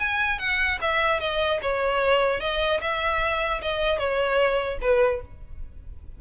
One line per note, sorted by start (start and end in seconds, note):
0.00 0.39 G#5
0.39 0.79 F#5
0.82 1.20 E5
1.20 1.60 D#5
1.62 2.41 C#5
2.41 2.81 D#5
2.82 3.62 E5
3.62 3.99 D#5
3.99 4.79 C#5
4.82 5.22 B4